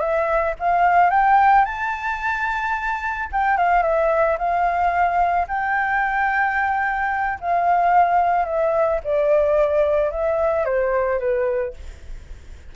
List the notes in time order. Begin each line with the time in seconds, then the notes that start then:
0.00 E5
0.60 F5
1.11 G5
1.65 A5
3.32 G5
3.57 F5
3.83 E5
4.38 F5
5.48 G5
7.41 F5
8.45 E5
9.04 D5
10.11 E5
10.66 C5
11.20 B4